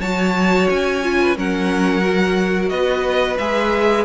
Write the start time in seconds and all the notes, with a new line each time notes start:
0.00 F#3 F#4 C#5 A5
0.70 C#4 G#5
1.03 F4
1.22 B4
1.37 F#3 C#4 A#4 F#5
2.02 F#4
2.69 B3 B4 D#5
3.38 G#3 G#4 E5